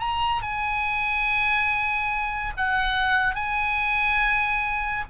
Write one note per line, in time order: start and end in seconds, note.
0.00 0.42 A#5
0.42 2.54 G#5
2.57 3.36 F#5
3.36 5.05 G#5